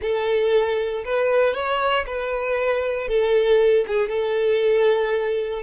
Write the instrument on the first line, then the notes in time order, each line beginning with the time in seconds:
violin
0.01 A4
1.04 B4
1.53 C#5
2.06 B4
3.08 A4
3.87 G#4
4.09 A4